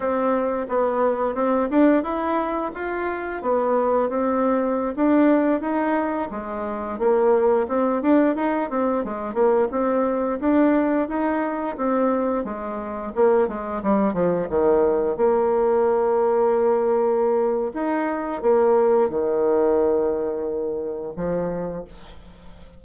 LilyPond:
\new Staff \with { instrumentName = "bassoon" } { \time 4/4 \tempo 4 = 88 c'4 b4 c'8 d'8 e'4 | f'4 b4 c'4~ c'16 d'8.~ | d'16 dis'4 gis4 ais4 c'8 d'16~ | d'16 dis'8 c'8 gis8 ais8 c'4 d'8.~ |
d'16 dis'4 c'4 gis4 ais8 gis16~ | gis16 g8 f8 dis4 ais4.~ ais16~ | ais2 dis'4 ais4 | dis2. f4 | }